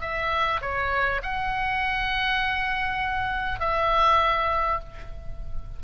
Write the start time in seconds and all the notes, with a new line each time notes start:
0.00 E5
0.61 C#5
1.22 F#5
3.59 E5